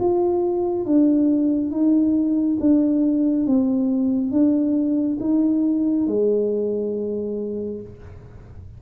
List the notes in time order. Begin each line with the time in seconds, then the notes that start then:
0.00 F4
0.86 D4
1.71 D#4
2.60 D4
3.47 C4
4.32 D4
5.21 D#4
6.07 G#3